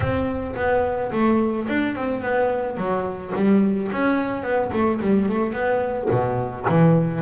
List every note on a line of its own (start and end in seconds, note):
0.00 0.55 C4
0.55 1.11 B3
1.11 1.67 A3
1.68 1.95 D4
1.95 2.21 C4
2.21 2.77 B3
2.77 3.32 F#3
3.35 3.90 G3
3.92 4.43 C#4
4.43 4.70 B3
4.72 5.00 A3
5.01 5.29 G3
5.29 5.53 A3
5.53 6.08 B3
6.10 6.65 B2
6.68 7.21 E3